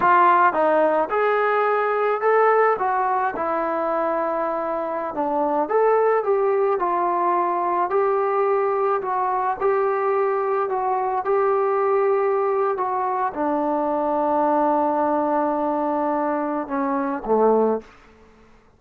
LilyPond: \new Staff \with { instrumentName = "trombone" } { \time 4/4 \tempo 4 = 108 f'4 dis'4 gis'2 | a'4 fis'4 e'2~ | e'4~ e'16 d'4 a'4 g'8.~ | g'16 f'2 g'4.~ g'16~ |
g'16 fis'4 g'2 fis'8.~ | fis'16 g'2~ g'8. fis'4 | d'1~ | d'2 cis'4 a4 | }